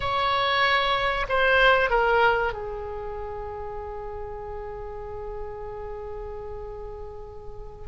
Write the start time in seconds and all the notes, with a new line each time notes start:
0.00 C#5
1.28 C5
1.90 A#4
2.53 G#4